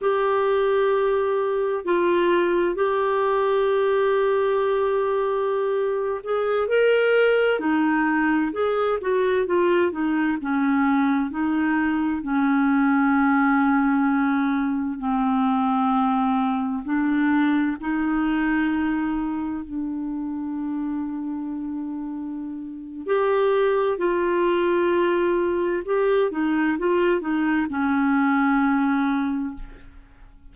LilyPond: \new Staff \with { instrumentName = "clarinet" } { \time 4/4 \tempo 4 = 65 g'2 f'4 g'4~ | g'2~ g'8. gis'8 ais'8.~ | ais'16 dis'4 gis'8 fis'8 f'8 dis'8 cis'8.~ | cis'16 dis'4 cis'2~ cis'8.~ |
cis'16 c'2 d'4 dis'8.~ | dis'4~ dis'16 d'2~ d'8.~ | d'4 g'4 f'2 | g'8 dis'8 f'8 dis'8 cis'2 | }